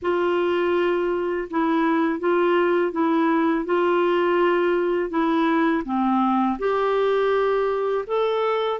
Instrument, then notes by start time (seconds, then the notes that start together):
clarinet
0.02 F4
1.50 E4
2.20 F4
2.92 E4
3.65 F4
5.10 E4
5.84 C4
6.58 G4
8.07 A4